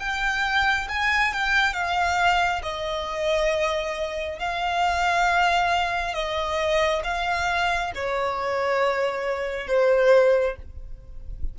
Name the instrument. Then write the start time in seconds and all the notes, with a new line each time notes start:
violin
0.00 G5
0.89 G#5
1.33 G5
1.74 F5
2.63 D#5
4.39 F5
6.14 D#5
7.04 F5
7.95 C#5
9.68 C5